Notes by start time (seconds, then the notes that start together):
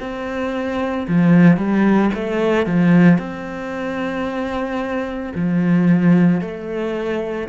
0.00 C4
1.08 F3
1.57 G3
2.14 A3
2.66 F3
3.19 C4
5.35 F3
6.41 A3